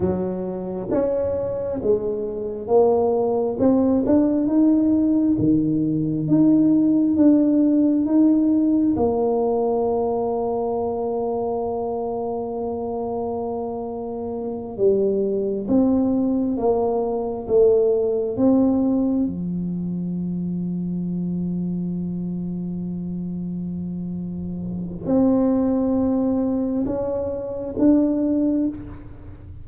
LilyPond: \new Staff \with { instrumentName = "tuba" } { \time 4/4 \tempo 4 = 67 fis4 cis'4 gis4 ais4 | c'8 d'8 dis'4 dis4 dis'4 | d'4 dis'4 ais2~ | ais1~ |
ais8 g4 c'4 ais4 a8~ | a8 c'4 f2~ f8~ | f1 | c'2 cis'4 d'4 | }